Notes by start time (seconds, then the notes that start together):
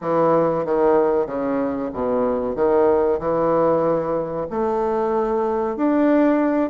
0.01 E3
0.65 D#3
1.26 C#3
1.93 B2
2.55 D#3
3.19 E3
4.50 A3
5.76 D4